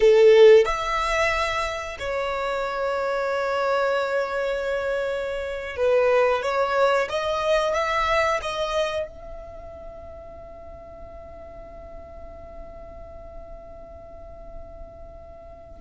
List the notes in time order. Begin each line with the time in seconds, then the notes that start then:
0.00 A4
0.65 E5
1.99 C#5
5.76 B4
6.42 C#5
7.09 D#5
7.74 E5
8.42 D#5
9.07 E5